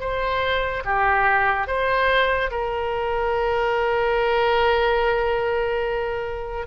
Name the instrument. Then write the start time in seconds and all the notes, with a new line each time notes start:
oboe
0.00 C5
0.85 G4
1.67 C5
2.51 A#4